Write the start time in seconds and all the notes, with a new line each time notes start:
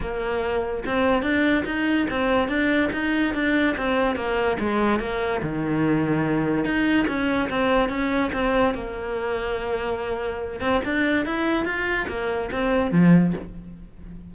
0.00 A#3
0.85 C4
1.22 D4
1.65 D#4
2.09 C4
2.48 D4
2.92 D#4
3.34 D4
3.77 C4
4.15 A#3
4.59 G#3
4.99 A#3
5.42 D#3
6.65 D#4
7.07 C#4
7.49 C4
7.89 C#4
8.32 C4
8.74 A#3
10.60 C4
10.84 D4
11.25 E4
11.65 F4
12.08 A#3
12.51 C4
12.91 F3